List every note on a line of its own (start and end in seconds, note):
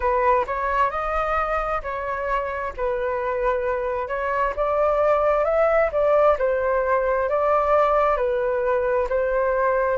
0.00 0.45 B4
0.46 0.90 C#5
0.90 1.81 D#5
1.82 2.73 C#5
2.76 4.07 B4
4.07 4.53 C#5
4.55 5.44 D5
5.44 5.90 E5
5.91 6.37 D5
6.38 7.29 C5
7.29 8.16 D5
8.16 9.07 B4
9.09 9.97 C5